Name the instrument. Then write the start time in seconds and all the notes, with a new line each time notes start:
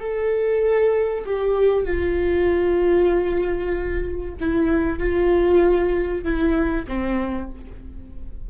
viola
0.00 A4
1.26 G4
1.85 F4
4.41 E4
4.99 F4
6.24 E4
6.88 C4